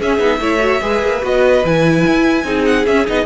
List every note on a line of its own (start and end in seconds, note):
0.00 0.19 C#4
0.00 0.41 G#4
0.00 1.25 E5
0.19 0.40 B3
0.19 0.40 D#4
0.40 0.81 A3
0.40 0.60 E4
0.40 0.82 C#5
0.60 0.80 F#4
0.82 1.02 G#3
0.82 1.23 G#4
0.82 2.45 B4
1.03 1.23 A#3
1.23 1.64 B3
1.23 1.63 F#4
1.23 1.66 D#5
1.65 2.06 E3
1.65 2.45 E4
1.65 2.66 G#5
2.07 2.45 E4
2.45 2.86 C4
2.45 2.86 D#4
2.45 3.26 G#4
2.66 2.86 F#5
2.86 3.08 C#4
2.86 3.07 C#4
2.86 3.07 E5
3.07 3.26 B3
3.07 3.26 D#4
3.07 3.26 D#5